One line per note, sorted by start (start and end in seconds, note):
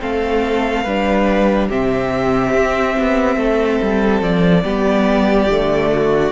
0.00 0.85 A3
0.00 0.85 C4
0.00 0.83 A4
0.00 1.70 F5
0.83 1.69 G3
0.83 1.70 D4
0.83 1.68 B4
1.68 2.53 C3
1.68 4.64 C4
1.68 3.37 G4
1.68 4.23 E5
2.53 2.95 C4
2.98 3.37 B3
3.37 3.79 A3
3.37 4.63 A4
3.82 4.21 G3
4.21 4.64 F3
4.21 6.32 D5
4.63 5.49 G3
4.63 5.48 B3
4.63 5.90 G4
5.49 6.32 D3
5.49 6.32 A3
5.92 6.32 F#4